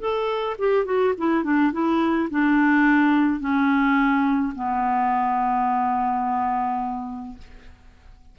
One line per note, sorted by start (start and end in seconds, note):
0.00 0.57 A4
0.58 0.85 G4
0.85 1.13 F#4
1.18 1.44 E4
1.44 1.72 D4
1.72 2.29 E4
2.30 3.40 D4
3.40 4.53 C#4
4.55 7.38 B3